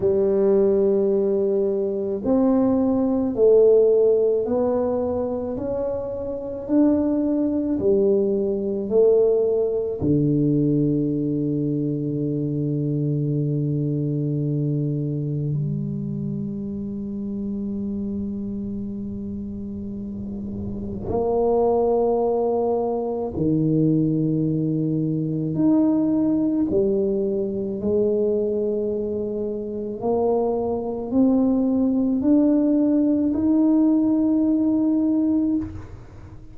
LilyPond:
\new Staff \with { instrumentName = "tuba" } { \time 4/4 \tempo 4 = 54 g2 c'4 a4 | b4 cis'4 d'4 g4 | a4 d2.~ | d2 g2~ |
g2. ais4~ | ais4 dis2 dis'4 | g4 gis2 ais4 | c'4 d'4 dis'2 | }